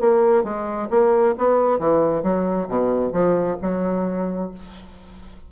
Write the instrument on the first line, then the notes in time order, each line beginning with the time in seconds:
bassoon
0.00 A#3
0.44 G#3
0.90 A#3
1.38 B3
1.78 E3
2.23 F#3
2.68 B2
3.12 F3
3.61 F#3